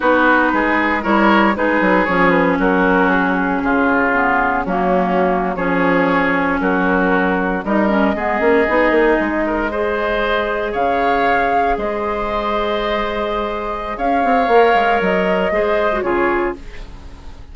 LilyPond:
<<
  \new Staff \with { instrumentName = "flute" } { \time 4/4 \tempo 4 = 116 b'2 cis''4 b'4 | cis''8 b'8 ais'4 gis'2~ | gis'4 fis'4.~ fis'16 cis''4~ cis''16~ | cis''8. ais'2 dis''4~ dis''16~ |
dis''1~ | dis''8. f''2 dis''4~ dis''16~ | dis''2. f''4~ | f''4 dis''2 cis''4 | }
  \new Staff \with { instrumentName = "oboe" } { \time 4/4 fis'4 gis'4 ais'4 gis'4~ | gis'4 fis'2 f'4~ | f'4 cis'4.~ cis'16 gis'4~ gis'16~ | gis'8. fis'2 ais'4 gis'16~ |
gis'2~ gis'16 ais'8 c''4~ c''16~ | c''8. cis''2 c''4~ c''16~ | c''2. cis''4~ | cis''2 c''4 gis'4 | }
  \new Staff \with { instrumentName = "clarinet" } { \time 4/4 dis'2 e'4 dis'4 | cis'1 | b4 ais4.~ ais16 cis'4~ cis'16~ | cis'2~ cis'8. dis'8 cis'8 b16~ |
b16 cis'8 dis'2 gis'4~ gis'16~ | gis'1~ | gis'1 | ais'2 gis'8. fis'16 f'4 | }
  \new Staff \with { instrumentName = "bassoon" } { \time 4/4 b4 gis4 g4 gis8 fis8 | f4 fis2 cis4~ | cis4 fis4.~ fis16 f4~ f16~ | f8. fis2 g4 gis16~ |
gis16 ais8 b8 ais8 gis2~ gis16~ | gis8. cis2 gis4~ gis16~ | gis2. cis'8 c'8 | ais8 gis8 fis4 gis4 cis4 | }
>>